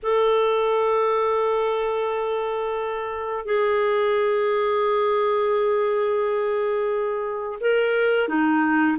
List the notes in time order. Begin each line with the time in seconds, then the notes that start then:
0.02 A4
3.45 G#4
7.60 A#4
8.28 D#4